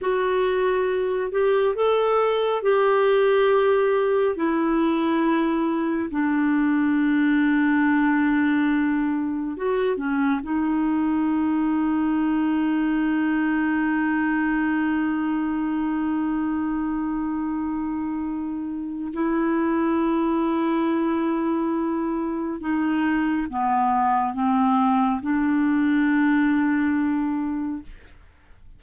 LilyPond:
\new Staff \with { instrumentName = "clarinet" } { \time 4/4 \tempo 4 = 69 fis'4. g'8 a'4 g'4~ | g'4 e'2 d'4~ | d'2. fis'8 cis'8 | dis'1~ |
dis'1~ | dis'2 e'2~ | e'2 dis'4 b4 | c'4 d'2. | }